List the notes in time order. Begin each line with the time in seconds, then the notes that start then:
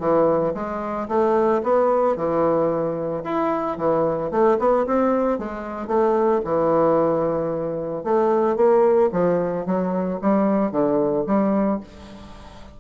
0.00 E3
0.55 G#3
1.08 A3
1.63 B3
2.16 E3
3.24 E4
3.77 E3
4.31 A3
4.59 B3
4.86 C4
5.39 G#3
5.88 A3
6.45 E3
8.04 A3
8.56 A#3
9.12 F3
9.66 F#3
10.22 G3
10.71 D3
11.27 G3